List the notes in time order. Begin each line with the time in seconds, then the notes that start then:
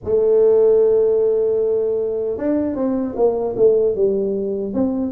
0.04 A3
2.37 D4
2.75 C4
3.15 A#3
3.56 A3
3.95 G3
4.73 C4